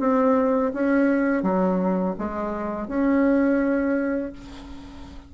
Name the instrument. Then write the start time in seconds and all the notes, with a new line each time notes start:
bassoon
0.00 C4
0.74 C#4
1.43 F#3
2.19 G#3
2.88 C#4